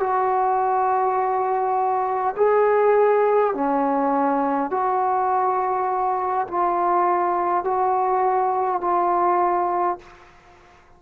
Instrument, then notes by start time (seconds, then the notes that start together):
trombone
0.00 F#4
2.37 G#4
3.55 C#4
4.71 F#4
6.48 F4
7.65 F#4
8.81 F4